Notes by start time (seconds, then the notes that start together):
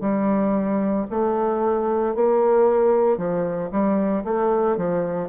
0.00 G3
1.10 A3
2.15 A#3
3.17 F3
3.71 G3
4.24 A3
4.77 F3